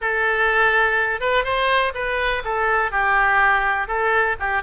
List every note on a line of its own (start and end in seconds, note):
0.01 1.20 A4
1.20 1.44 B4
1.44 1.92 C5
1.94 2.42 B4
2.44 2.91 A4
2.91 3.87 G4
3.87 4.35 A4
4.39 4.62 G4